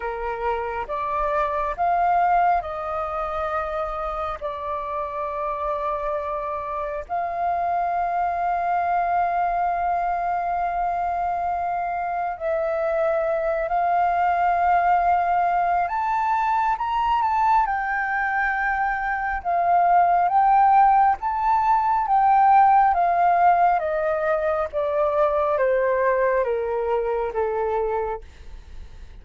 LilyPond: \new Staff \with { instrumentName = "flute" } { \time 4/4 \tempo 4 = 68 ais'4 d''4 f''4 dis''4~ | dis''4 d''2. | f''1~ | f''2 e''4. f''8~ |
f''2 a''4 ais''8 a''8 | g''2 f''4 g''4 | a''4 g''4 f''4 dis''4 | d''4 c''4 ais'4 a'4 | }